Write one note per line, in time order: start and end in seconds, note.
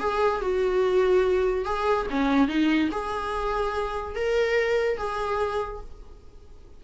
0.00 0.41 G#4
0.41 1.65 F#4
1.65 2.07 G#4
2.10 2.48 C#4
2.48 2.90 D#4
2.92 4.16 G#4
4.16 4.98 A#4
4.98 5.81 G#4